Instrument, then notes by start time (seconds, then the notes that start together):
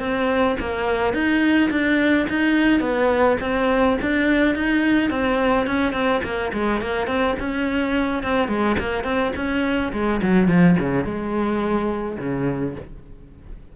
cello
0.00 C4
0.60 A#3
1.14 D#4
1.71 D4
2.30 D#4
2.81 B3
3.41 C4
4.02 D4
4.56 D#4
5.11 C4
5.67 C#4
5.93 C4
6.24 A#3
6.54 G#3
6.82 A#3
7.08 C4
7.40 C#4
8.24 C4
8.49 G#3
8.79 A#3
9.04 C4
9.36 C#4
9.93 G#3
10.23 F#3
10.48 F3
10.80 C#3
11.05 G#3
12.19 C#3